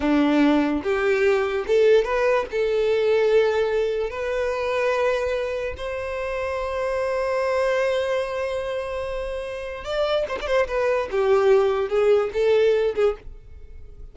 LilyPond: \new Staff \with { instrumentName = "violin" } { \time 4/4 \tempo 4 = 146 d'2 g'2 | a'4 b'4 a'2~ | a'2 b'2~ | b'2 c''2~ |
c''1~ | c''1 | d''4 c''16 d''16 c''8 b'4 g'4~ | g'4 gis'4 a'4. gis'8 | }